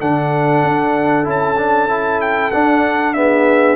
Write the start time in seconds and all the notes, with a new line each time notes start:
0.00 D3 D4 A4 F#5
0.64 D4
1.24 C#4 E4 A5
1.57 D4
1.89 E4
2.21 G5
2.51 D4 F#5
3.14 B3 G#4 E5